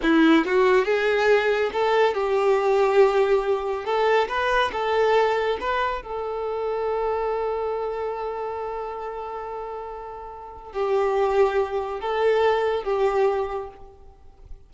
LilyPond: \new Staff \with { instrumentName = "violin" } { \time 4/4 \tempo 4 = 140 e'4 fis'4 gis'2 | a'4 g'2.~ | g'4 a'4 b'4 a'4~ | a'4 b'4 a'2~ |
a'1~ | a'1~ | a'4 g'2. | a'2 g'2 | }